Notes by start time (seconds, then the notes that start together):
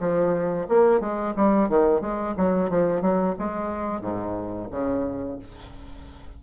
0.00 F3
0.69 A#3
1.01 G#3
1.36 G3
1.69 D#3
2.01 G#3
2.37 F#3
2.70 F3
3.02 F#3
3.39 G#3
4.01 G#2
4.72 C#3